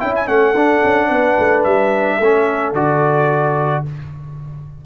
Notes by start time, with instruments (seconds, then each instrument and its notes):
0.00 tuba C#4, trombone E4, horn E5, trumpet G5
0.16 trumpet G#5
0.27 tuba A3, trombone C#4, horn A4, trumpet F#5
0.55 tuba D4, trombone D4
0.84 tuba C#4
1.08 tuba B3, horn B4
1.39 tuba A3
1.64 tuba G3, trumpet E5
2.19 tuba A3, trombone C#4, horn A4
2.73 tuba D3, trombone F#4, trumpet D5